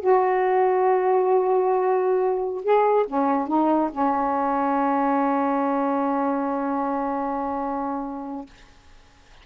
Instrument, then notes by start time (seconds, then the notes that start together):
saxophone
0.00 F#4
2.64 G#4
3.07 C#4
3.48 D#4
3.92 C#4